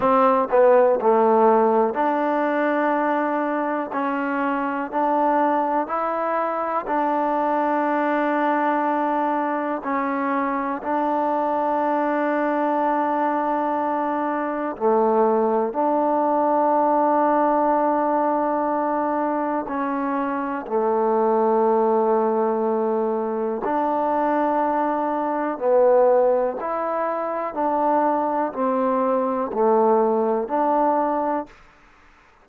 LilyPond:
\new Staff \with { instrumentName = "trombone" } { \time 4/4 \tempo 4 = 61 c'8 b8 a4 d'2 | cis'4 d'4 e'4 d'4~ | d'2 cis'4 d'4~ | d'2. a4 |
d'1 | cis'4 a2. | d'2 b4 e'4 | d'4 c'4 a4 d'4 | }